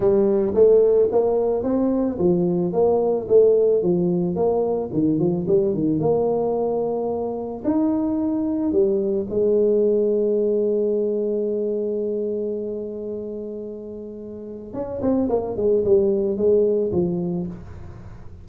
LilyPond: \new Staff \with { instrumentName = "tuba" } { \time 4/4 \tempo 4 = 110 g4 a4 ais4 c'4 | f4 ais4 a4 f4 | ais4 dis8 f8 g8 dis8 ais4~ | ais2 dis'2 |
g4 gis2.~ | gis1~ | gis2. cis'8 c'8 | ais8 gis8 g4 gis4 f4 | }